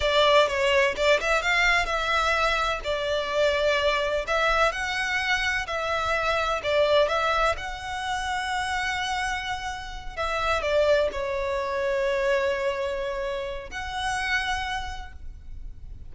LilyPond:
\new Staff \with { instrumentName = "violin" } { \time 4/4 \tempo 4 = 127 d''4 cis''4 d''8 e''8 f''4 | e''2 d''2~ | d''4 e''4 fis''2 | e''2 d''4 e''4 |
fis''1~ | fis''4. e''4 d''4 cis''8~ | cis''1~ | cis''4 fis''2. | }